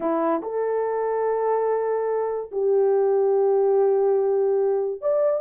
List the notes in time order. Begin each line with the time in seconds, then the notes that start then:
0.00 E4
0.42 A4
2.51 G4
5.01 D5